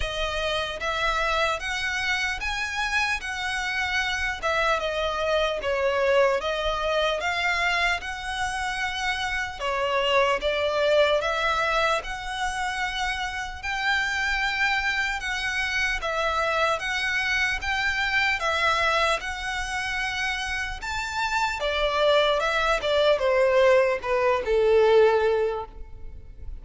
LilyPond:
\new Staff \with { instrumentName = "violin" } { \time 4/4 \tempo 4 = 75 dis''4 e''4 fis''4 gis''4 | fis''4. e''8 dis''4 cis''4 | dis''4 f''4 fis''2 | cis''4 d''4 e''4 fis''4~ |
fis''4 g''2 fis''4 | e''4 fis''4 g''4 e''4 | fis''2 a''4 d''4 | e''8 d''8 c''4 b'8 a'4. | }